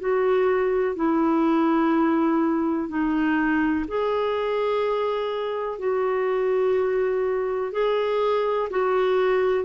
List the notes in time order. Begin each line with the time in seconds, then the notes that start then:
0.00 F#4
0.96 E4
2.89 D#4
3.88 G#4
5.79 F#4
7.72 G#4
8.71 F#4